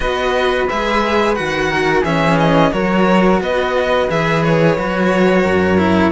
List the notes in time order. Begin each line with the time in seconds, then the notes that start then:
0.00 B3 F#4 B4 D#5
0.69 G#3 G#4 E5
1.35 D#3 F#4 F#5
1.70 A#4
2.01 E3 C#4 G#4 E5
2.38 D#5
2.72 F#3 F#4 A#4 C#5
3.40 B3 B4 D#5
4.09 E3 G#4 E5
4.43 C#5
4.77 F#3 F#4
5.43 F#2 A#4
5.77 E4